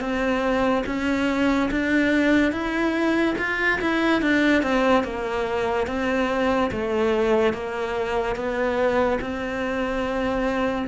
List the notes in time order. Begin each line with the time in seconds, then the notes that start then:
0.00 C4
0.86 C#4
1.71 D4
2.52 E4
3.38 F4
3.81 E4
4.22 D4
4.62 C4
5.04 A#3
5.87 C4
6.72 A3
7.53 A#3
8.36 B3
9.21 C4